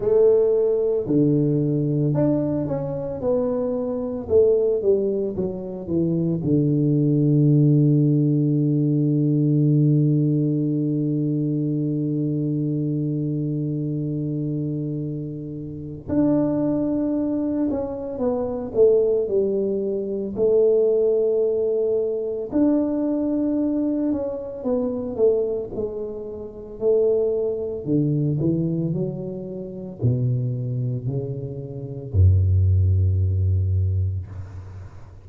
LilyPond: \new Staff \with { instrumentName = "tuba" } { \time 4/4 \tempo 4 = 56 a4 d4 d'8 cis'8 b4 | a8 g8 fis8 e8 d2~ | d1~ | d2. d'4~ |
d'8 cis'8 b8 a8 g4 a4~ | a4 d'4. cis'8 b8 a8 | gis4 a4 d8 e8 fis4 | b,4 cis4 fis,2 | }